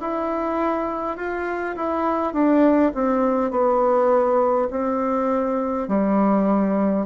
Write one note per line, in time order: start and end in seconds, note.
0.00 1.17 E4
1.17 1.75 F4
1.75 2.33 E4
2.33 2.92 D4
2.94 3.51 C4
3.51 4.68 B3
4.70 5.88 C4
5.88 7.05 G3